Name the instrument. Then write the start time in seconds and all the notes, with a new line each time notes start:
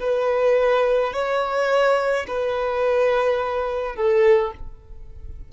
violin
0.00 B4
1.13 C#5
2.27 B4
3.96 A4